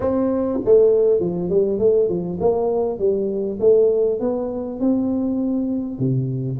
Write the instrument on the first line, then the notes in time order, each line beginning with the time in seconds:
tuba
0.00 C4
0.64 A3
1.19 F3
1.49 G3
1.78 A3
2.08 F3
2.40 A#3
2.98 G3
3.60 A3
4.20 B3
4.79 C4
5.98 C3